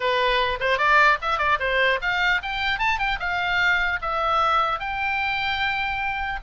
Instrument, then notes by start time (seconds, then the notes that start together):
oboe
0.00 B4
0.59 C5
0.78 D5
1.21 E5
1.38 D5
1.59 C5
2.01 F5
2.42 G5
2.78 A5
2.99 G5
3.19 F5
4.01 E5
4.79 G5